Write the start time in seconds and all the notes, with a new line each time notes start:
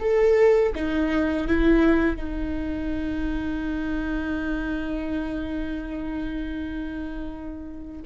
0.00 A4
0.75 D#4
1.48 E4
2.17 D#4